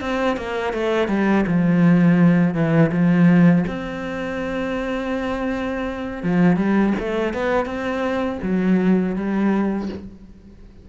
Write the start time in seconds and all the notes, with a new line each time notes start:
0.00 C4
0.37 A#3
0.73 A3
1.08 G3
1.46 F3
2.54 E3
2.91 F3
3.67 C4
6.23 F3
6.56 G3
6.99 A3
7.33 B3
7.65 C4
8.42 F#3
9.15 G3